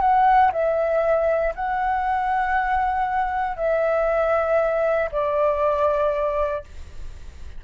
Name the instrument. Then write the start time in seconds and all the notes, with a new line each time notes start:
flute
0.00 F#5
0.52 E5
1.55 F#5
3.56 E5
5.11 D5